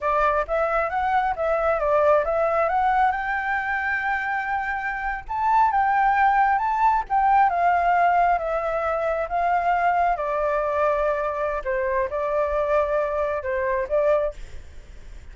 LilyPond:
\new Staff \with { instrumentName = "flute" } { \time 4/4 \tempo 4 = 134 d''4 e''4 fis''4 e''4 | d''4 e''4 fis''4 g''4~ | g''2.~ g''8. a''16~ | a''8. g''2 a''4 g''16~ |
g''8. f''2 e''4~ e''16~ | e''8. f''2 d''4~ d''16~ | d''2 c''4 d''4~ | d''2 c''4 d''4 | }